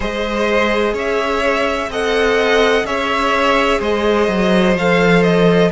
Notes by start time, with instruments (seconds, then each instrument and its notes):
0.00 cello G#3, viola G#4, violin C5 D#5
0.93 cello C#4, violin C#5 E5
1.88 cello C4, viola A4, violin D#5 F#5
2.84 cello C#4, viola G#4, violin C#5 E5
3.79 cello G#3, violin C5 D#5
4.28 cello F#3
4.75 cello F3, viola A4, violin F5
5.22 violin D#5